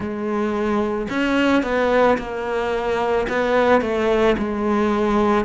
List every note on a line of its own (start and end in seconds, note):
0.00 1.08 G#3
1.09 1.63 C#4
1.63 2.17 B3
2.18 3.27 A#3
3.28 3.81 B3
3.81 4.35 A3
4.38 5.44 G#3